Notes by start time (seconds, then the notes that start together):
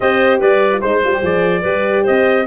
0.00 C4 G4 C5 D#5
0.40 G3 B4 D5
0.72 F4
0.81 G#3 D#4 C5
1.03 G3 F4
1.13 G4
1.21 F3 G#4 D5
1.62 G3 G4 B4
2.03 C4 C5 D#5